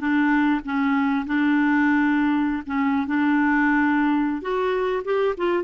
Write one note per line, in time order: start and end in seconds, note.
0.00 0.61 D4
0.65 1.26 C#4
1.26 2.63 D4
2.66 3.07 C#4
3.07 4.42 D4
4.42 5.02 F#4
5.04 5.35 G4
5.37 5.63 F4